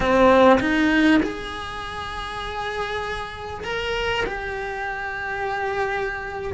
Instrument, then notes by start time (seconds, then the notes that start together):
cello
0.00 C4
0.60 D#4
1.22 G#4
3.64 A#4
4.26 G4